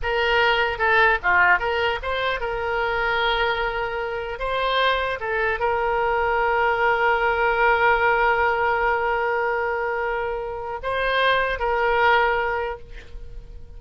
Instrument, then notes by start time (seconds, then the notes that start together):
oboe
0.02 A#4
0.78 A4
1.22 F4
1.59 A#4
2.02 C5
2.40 A#4
4.39 C5
5.20 A4
5.59 A#4
10.82 C5
11.59 A#4